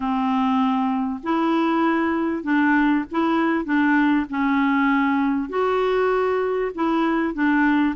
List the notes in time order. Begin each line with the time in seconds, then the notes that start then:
0.00 C4
1.23 E4
2.43 D4
3.11 E4
3.65 D4
4.29 C#4
5.49 F#4
6.75 E4
7.34 D4